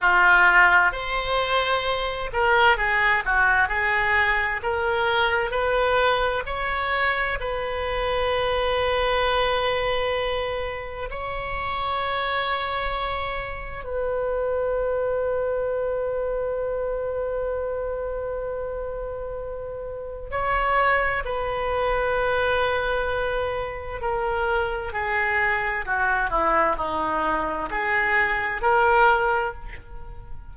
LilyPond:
\new Staff \with { instrumentName = "oboe" } { \time 4/4 \tempo 4 = 65 f'4 c''4. ais'8 gis'8 fis'8 | gis'4 ais'4 b'4 cis''4 | b'1 | cis''2. b'4~ |
b'1~ | b'2 cis''4 b'4~ | b'2 ais'4 gis'4 | fis'8 e'8 dis'4 gis'4 ais'4 | }